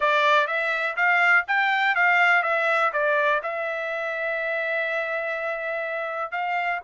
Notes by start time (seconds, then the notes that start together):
0.00 D5
0.47 E5
0.96 F5
1.47 G5
1.95 F5
2.42 E5
2.92 D5
3.42 E5
6.31 F5